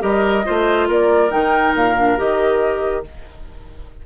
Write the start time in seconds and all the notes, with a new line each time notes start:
0.00 G3 G4 A#4 D#5
0.45 A3 F4 C5
0.88 A#3 A#4 D5
1.30 D#3 D#4 G5
1.74 A#2 F5
1.96 D4
2.18 D#3 G4 D#5